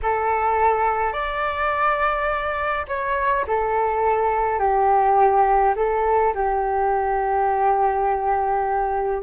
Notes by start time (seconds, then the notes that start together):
0.02 A4
1.12 D5
2.88 C#5
3.47 A4
4.59 G4
5.75 A4
6.34 G4